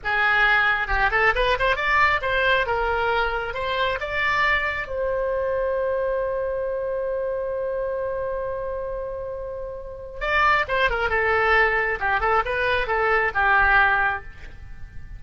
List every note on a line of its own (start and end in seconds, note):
0.04 0.87 G#4
0.87 1.09 G4
1.11 1.33 A4
1.35 1.57 B4
1.59 1.76 C5
1.76 2.20 D5
2.21 2.66 C5
2.66 3.54 A#4
3.54 3.98 C5
4.00 4.87 D5
4.87 10.20 C5
10.20 10.65 D5
10.68 10.89 C5
10.89 11.09 A#4
11.09 11.98 A4
12.00 12.20 G4
12.20 12.42 A4
12.45 12.87 B4
12.87 13.31 A4
13.34 14.23 G4